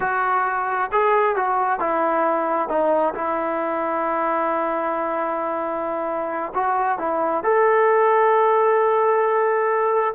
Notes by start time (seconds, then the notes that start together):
0.00 F#4
0.91 G#4
1.36 F#4
1.79 E4
2.68 D#4
3.14 E4
6.54 F#4
6.98 E4
7.43 A4